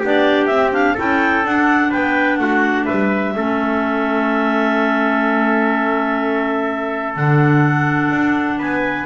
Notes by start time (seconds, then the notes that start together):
0.00 B3 D4 G4
0.06 D5
0.47 C4 E5
0.73 D4 F5
0.94 C#4 E4 A4 G5
1.45 D4 F#5
1.91 B3 B4 G5
2.37 A3 F#4 F#5
2.86 G3 B4 E5
3.35 A3 C#4 A4
7.17 D3 D4 F#5
8.12 D4
8.59 B3 B4 G#5